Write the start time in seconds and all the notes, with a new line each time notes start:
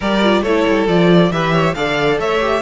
0.00 G3 G4 A#4 D5
0.22 F4
0.42 A3 E4 A4 C#5
0.67 G3
0.87 F3 F4 D5
1.30 E3 G4 B4 E5
1.53 C#5
1.74 D3 A4 D5 F5
2.18 A3 C#5 E5
2.40 G4